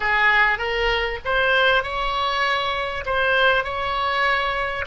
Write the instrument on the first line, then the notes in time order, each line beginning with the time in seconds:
oboe
0.00 G#4
0.58 A#4
1.24 C5
1.83 C#5
3.05 C5
3.64 C#5